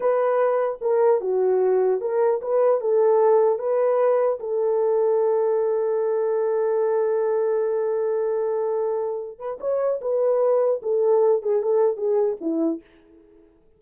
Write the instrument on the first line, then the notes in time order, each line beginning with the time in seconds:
horn
0.00 B4
0.81 A#4
1.21 F#4
2.01 A#4
2.41 B4
2.81 A4
3.58 B4
4.39 A4
9.38 B4
9.60 C#5
10.01 B4
10.82 A4
11.42 G#4
11.62 A4
11.97 G#4
12.41 E4